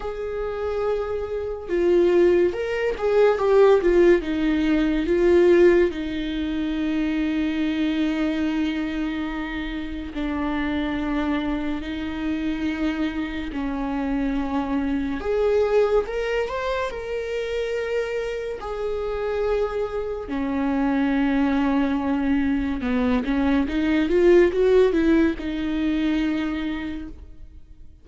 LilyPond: \new Staff \with { instrumentName = "viola" } { \time 4/4 \tempo 4 = 71 gis'2 f'4 ais'8 gis'8 | g'8 f'8 dis'4 f'4 dis'4~ | dis'1 | d'2 dis'2 |
cis'2 gis'4 ais'8 c''8 | ais'2 gis'2 | cis'2. b8 cis'8 | dis'8 f'8 fis'8 e'8 dis'2 | }